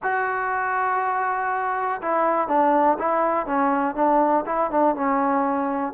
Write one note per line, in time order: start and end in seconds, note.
0.02 2.01 F#4
2.01 2.47 E4
2.47 2.97 D4
2.98 3.46 E4
3.46 3.95 C#4
3.95 4.44 D4
4.45 4.70 E4
4.71 4.95 D4
4.95 5.93 C#4